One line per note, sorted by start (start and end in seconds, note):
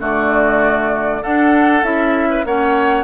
0.00 1.23 D3
0.00 1.22 A3
0.00 1.23 F#4
0.00 1.23 D5
1.23 1.83 D4
1.23 1.84 D4
1.23 2.30 A4
1.23 1.84 F#5
1.83 2.45 C#4
1.83 2.45 E4
1.83 2.46 E5
2.30 2.46 B4
2.45 3.04 A#3
2.45 3.04 C#4
2.45 3.04 C#5
2.45 3.04 F#5